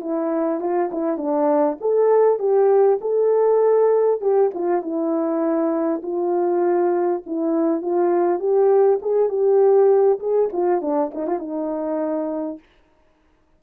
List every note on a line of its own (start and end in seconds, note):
0.00 0.60 E4
0.60 0.90 F4
0.91 1.17 E4
1.17 1.77 D4
1.80 2.39 A4
2.39 2.99 G4
3.01 4.21 A4
4.21 4.51 G4
4.54 4.82 F4
4.82 6.02 E4
6.02 7.22 F4
7.26 7.82 E4
7.82 8.39 F4
8.39 8.99 G4
9.01 9.29 G#4
9.29 10.19 G4
10.19 10.49 G#4
10.52 10.81 F4
10.81 11.11 D4
11.14 11.27 D#4
11.27 11.39 F4
11.39 12.59 D#4